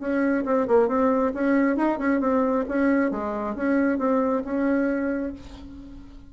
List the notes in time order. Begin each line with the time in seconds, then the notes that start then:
0.00 C#4
0.45 C4
0.68 A#3
0.88 C4
1.35 C#4
1.77 D#4
1.99 C#4
2.21 C4
2.69 C#4
3.11 G#3
3.56 C#4
3.99 C4
4.45 C#4